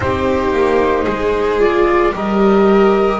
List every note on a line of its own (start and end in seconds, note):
0.00 0.52 C4
0.00 1.59 D#4
0.00 1.04 G4
0.00 1.60 C5
0.52 1.05 A#3
1.04 2.14 G#3
1.04 2.11 G#4
1.59 2.12 F4
1.59 2.13 D5
2.12 3.20 G3
2.12 3.19 G4
2.12 3.20 A#4
2.12 3.20 D#5